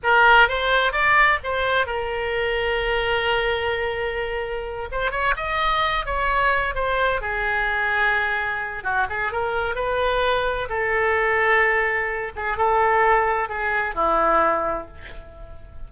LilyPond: \new Staff \with { instrumentName = "oboe" } { \time 4/4 \tempo 4 = 129 ais'4 c''4 d''4 c''4 | ais'1~ | ais'2~ ais'8 c''8 cis''8 dis''8~ | dis''4 cis''4. c''4 gis'8~ |
gis'2. fis'8 gis'8 | ais'4 b'2 a'4~ | a'2~ a'8 gis'8 a'4~ | a'4 gis'4 e'2 | }